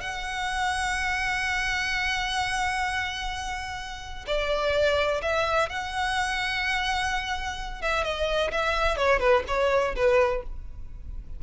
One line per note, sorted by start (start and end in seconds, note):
0.00 4.25 F#5
4.26 5.21 D5
5.22 5.69 E5
5.69 7.81 F#5
7.81 8.04 E5
8.04 8.51 D#5
8.51 8.96 E5
8.96 9.19 C#5
9.19 9.43 B4
9.47 9.95 C#5
9.95 10.42 B4